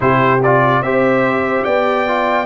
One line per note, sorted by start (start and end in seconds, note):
0.00 0.81 C3
0.00 0.39 E4
0.00 0.83 G4
0.00 0.41 C5
0.42 0.84 F4
0.42 0.82 D5
0.81 1.63 C4
0.81 2.07 G4
0.81 1.64 C5
0.81 1.64 E5
1.64 2.45 B3
1.64 2.45 D5
1.64 2.45 G5
2.07 2.45 F4